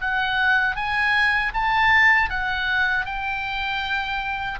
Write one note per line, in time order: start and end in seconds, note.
0.00 0.76 F#5
0.76 1.52 G#5
1.53 2.29 A5
2.29 3.05 F#5
3.05 4.59 G5